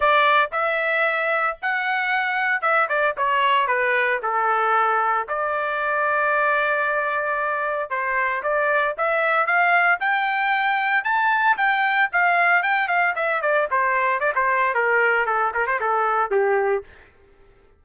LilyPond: \new Staff \with { instrumentName = "trumpet" } { \time 4/4 \tempo 4 = 114 d''4 e''2 fis''4~ | fis''4 e''8 d''8 cis''4 b'4 | a'2 d''2~ | d''2. c''4 |
d''4 e''4 f''4 g''4~ | g''4 a''4 g''4 f''4 | g''8 f''8 e''8 d''8 c''4 d''16 c''8. | ais'4 a'8 ais'16 c''16 a'4 g'4 | }